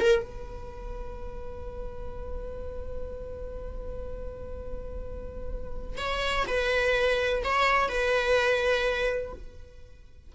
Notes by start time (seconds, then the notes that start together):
0.00 A#4
0.22 B4
5.97 C#5
6.47 B4
7.44 C#5
7.89 B4